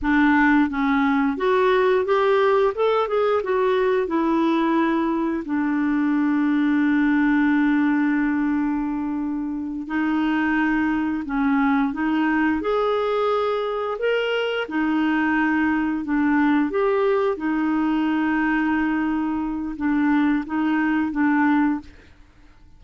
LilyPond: \new Staff \with { instrumentName = "clarinet" } { \time 4/4 \tempo 4 = 88 d'4 cis'4 fis'4 g'4 | a'8 gis'8 fis'4 e'2 | d'1~ | d'2~ d'8 dis'4.~ |
dis'8 cis'4 dis'4 gis'4.~ | gis'8 ais'4 dis'2 d'8~ | d'8 g'4 dis'2~ dis'8~ | dis'4 d'4 dis'4 d'4 | }